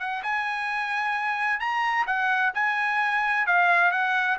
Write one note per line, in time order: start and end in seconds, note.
0.00 0.23 F#5
0.23 1.60 G#5
1.60 2.06 A#5
2.07 2.53 F#5
2.54 3.47 G#5
3.47 3.92 F5
3.92 4.38 F#5